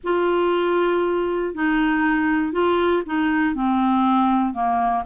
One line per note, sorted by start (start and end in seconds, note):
0.03 1.54 F4
1.54 2.52 D#4
2.52 3.03 F4
3.06 3.54 D#4
3.54 4.53 C4
4.53 5.04 A#3